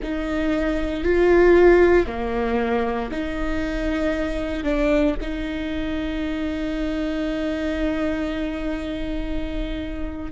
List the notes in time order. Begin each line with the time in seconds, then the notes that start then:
0.02 D#4
1.03 F4
2.06 A#3
3.11 D#4
4.63 D4
5.21 D#4